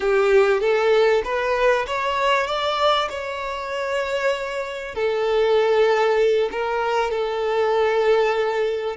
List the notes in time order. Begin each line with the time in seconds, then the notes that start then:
0.00 G4
0.60 A4
1.24 B4
1.86 C#5
2.46 D5
3.09 C#5
4.95 A4
6.51 A#4
7.10 A4